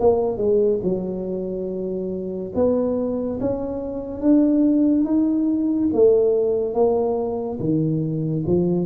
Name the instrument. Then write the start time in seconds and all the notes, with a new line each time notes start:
tuba
0.00 A#3
0.38 G#3
0.83 F#3
2.55 B3
3.40 C#4
4.21 D4
5.05 D#4
5.93 A3
6.74 A#3
7.59 D#3
8.46 F3